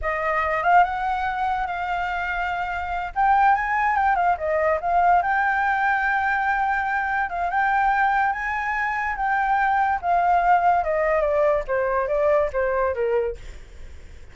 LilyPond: \new Staff \with { instrumentName = "flute" } { \time 4/4 \tempo 4 = 144 dis''4. f''8 fis''2 | f''2.~ f''8 g''8~ | g''8 gis''4 g''8 f''8 dis''4 f''8~ | f''8 g''2.~ g''8~ |
g''4. f''8 g''2 | gis''2 g''2 | f''2 dis''4 d''4 | c''4 d''4 c''4 ais'4 | }